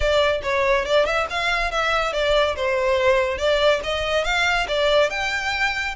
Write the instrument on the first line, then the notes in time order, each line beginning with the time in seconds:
violin
0.00 D5
0.42 C#5
0.85 D5
1.05 E5
1.30 F5
1.71 E5
2.13 D5
2.56 C5
3.38 D5
3.83 D#5
4.24 F5
4.68 D5
5.10 G5